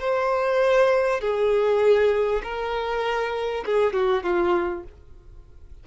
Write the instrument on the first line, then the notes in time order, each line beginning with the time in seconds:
violin
0.00 C5
1.21 G#4
2.43 A#4
3.65 G#4
3.93 F#4
4.23 F4